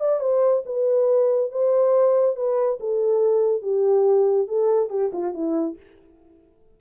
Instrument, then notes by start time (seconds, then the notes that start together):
horn
0.00 D5
0.20 C5
0.66 B4
1.51 C5
2.36 B4
2.80 A4
3.62 G4
4.48 A4
4.90 G4
5.13 F4
5.34 E4